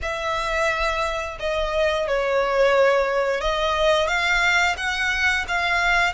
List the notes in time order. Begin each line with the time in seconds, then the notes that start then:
0.02 E5
1.39 D#5
2.07 C#5
3.40 D#5
4.07 F5
4.77 F#5
5.48 F5